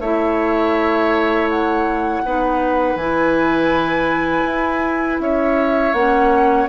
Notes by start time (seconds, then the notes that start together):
0.00 A3 E4 C#5 E5
1.49 F#5
2.25 B3 D#4 B4
2.95 E3 E4 G#5
4.45 E4
5.19 C#4 C#5 E5
5.93 A#3 C#4 F#5